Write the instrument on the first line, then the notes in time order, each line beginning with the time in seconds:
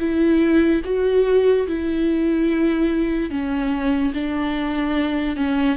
viola
0.00 E4
0.85 F#4
1.67 E4
3.31 C#4
4.14 D4
5.36 C#4